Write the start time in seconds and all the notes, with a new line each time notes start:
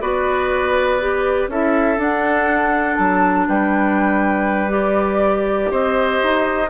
0.00 B3 F#4 B4 D5
1.00 G4
1.48 C#4 E4 A4 E5
1.97 D4 F#5
2.96 F#3 A5
3.48 G3 B4 G5
4.68 G4 D5
5.70 C4 C5 D#5
6.23 D#4